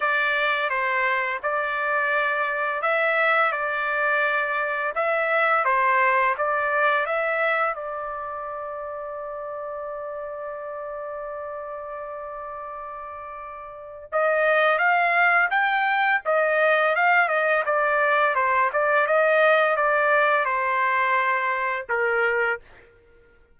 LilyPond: \new Staff \with { instrumentName = "trumpet" } { \time 4/4 \tempo 4 = 85 d''4 c''4 d''2 | e''4 d''2 e''4 | c''4 d''4 e''4 d''4~ | d''1~ |
d''1 | dis''4 f''4 g''4 dis''4 | f''8 dis''8 d''4 c''8 d''8 dis''4 | d''4 c''2 ais'4 | }